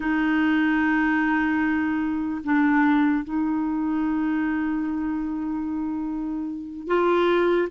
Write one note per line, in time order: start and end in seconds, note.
0.00 2.41 D#4
2.44 3.24 D4
3.24 6.87 D#4
6.87 7.68 F4